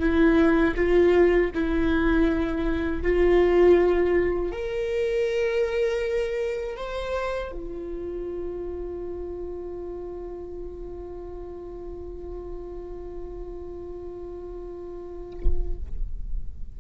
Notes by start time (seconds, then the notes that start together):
0.00 E4
0.76 F4
1.55 E4
3.03 F4
4.52 A#4
6.77 C5
7.52 F4